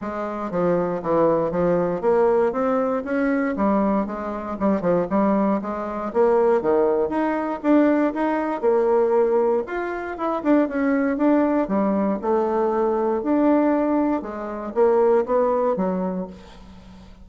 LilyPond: \new Staff \with { instrumentName = "bassoon" } { \time 4/4 \tempo 4 = 118 gis4 f4 e4 f4 | ais4 c'4 cis'4 g4 | gis4 g8 f8 g4 gis4 | ais4 dis4 dis'4 d'4 |
dis'4 ais2 f'4 | e'8 d'8 cis'4 d'4 g4 | a2 d'2 | gis4 ais4 b4 fis4 | }